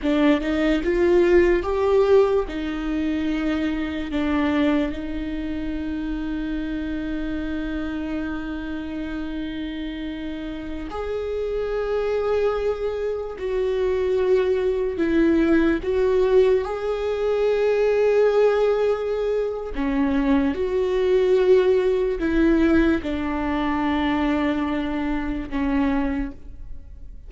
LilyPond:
\new Staff \with { instrumentName = "viola" } { \time 4/4 \tempo 4 = 73 d'8 dis'8 f'4 g'4 dis'4~ | dis'4 d'4 dis'2~ | dis'1~ | dis'4~ dis'16 gis'2~ gis'8.~ |
gis'16 fis'2 e'4 fis'8.~ | fis'16 gis'2.~ gis'8. | cis'4 fis'2 e'4 | d'2. cis'4 | }